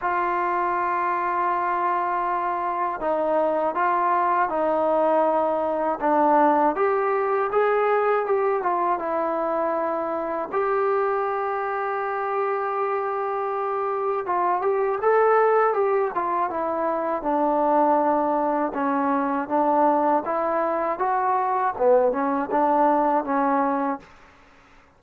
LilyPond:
\new Staff \with { instrumentName = "trombone" } { \time 4/4 \tempo 4 = 80 f'1 | dis'4 f'4 dis'2 | d'4 g'4 gis'4 g'8 f'8 | e'2 g'2~ |
g'2. f'8 g'8 | a'4 g'8 f'8 e'4 d'4~ | d'4 cis'4 d'4 e'4 | fis'4 b8 cis'8 d'4 cis'4 | }